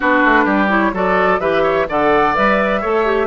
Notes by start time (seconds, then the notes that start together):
0.00 B3 D4 F#4 B4
0.24 A3
0.44 G3 G4
0.68 E4 C#5
0.92 F#3 F#4 A4 D5
1.39 E3 G4 B4 E5
1.62 C#5
1.88 D3 A4 D5 F#5
2.34 G3 B4 E5
2.80 A3 A4 C#5
3.05 G4